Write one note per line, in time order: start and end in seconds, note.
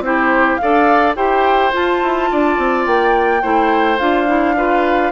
0.00 0.57 C4
0.00 0.60 E4
0.00 0.61 G4
0.00 0.56 C5
0.56 1.16 A4
0.56 1.16 D5
0.56 1.13 F5
0.63 1.16 D4
1.16 1.72 E4
1.16 1.72 G4
1.16 2.29 C5
1.16 1.73 G5
1.72 3.41 F4
1.72 2.02 F4
1.72 2.86 A5
2.02 2.30 E4
2.31 2.58 D4
2.31 3.42 D5
2.58 2.86 C4
2.86 3.43 A#3
2.86 3.99 G5
3.42 3.99 A3
3.42 3.98 E4
3.42 4.55 C5
3.99 5.12 D4
3.99 4.27 F4
3.99 5.12 F5
4.27 4.55 E4
4.56 5.12 F4
4.56 5.12 B4